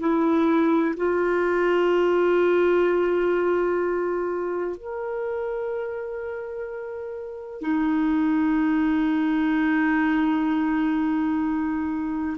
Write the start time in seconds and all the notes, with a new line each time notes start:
0.00 E4
0.97 F4
4.78 A#4
7.61 D#4